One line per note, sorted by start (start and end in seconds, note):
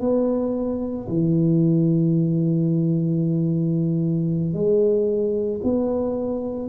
0.00 1.07 B3
1.09 4.53 E3
4.53 5.61 G#3
5.63 6.69 B3